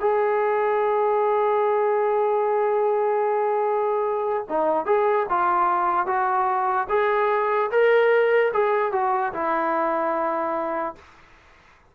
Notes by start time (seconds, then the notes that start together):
0.00 G#4
4.49 D#4
4.86 G#4
5.29 F4
6.06 F#4
6.89 G#4
7.71 A#4
8.53 G#4
8.92 F#4
9.33 E4